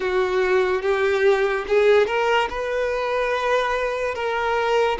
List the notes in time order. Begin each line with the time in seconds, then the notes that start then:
0.00 F#4
0.81 G4
1.67 G#4
2.06 A#4
2.49 B4
4.14 A#4